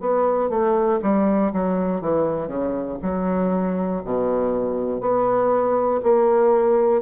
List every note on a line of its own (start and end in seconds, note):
0.00 0.49 B3
0.49 0.99 A3
1.02 1.52 G3
1.52 2.01 F#3
2.01 2.47 E3
2.47 2.97 C#3
3.02 4.02 F#3
4.05 5.00 B2
5.00 6.00 B3
6.03 7.02 A#3